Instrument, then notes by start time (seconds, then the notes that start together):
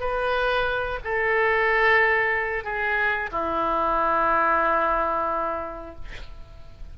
oboe
0.00 B4
1.04 A4
2.64 G#4
3.31 E4